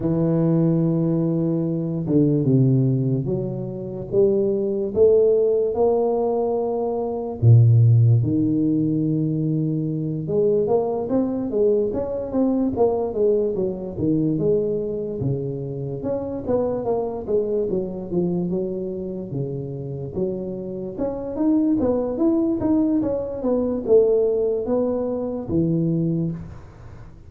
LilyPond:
\new Staff \with { instrumentName = "tuba" } { \time 4/4 \tempo 4 = 73 e2~ e8 d8 c4 | fis4 g4 a4 ais4~ | ais4 ais,4 dis2~ | dis8 gis8 ais8 c'8 gis8 cis'8 c'8 ais8 |
gis8 fis8 dis8 gis4 cis4 cis'8 | b8 ais8 gis8 fis8 f8 fis4 cis8~ | cis8 fis4 cis'8 dis'8 b8 e'8 dis'8 | cis'8 b8 a4 b4 e4 | }